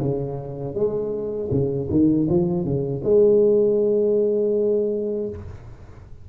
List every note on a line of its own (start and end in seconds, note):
0.00 0.75 C#3
0.75 1.50 G#3
1.51 1.89 C#3
1.91 2.28 D#3
2.30 2.65 F3
2.65 3.02 C#3
3.04 5.29 G#3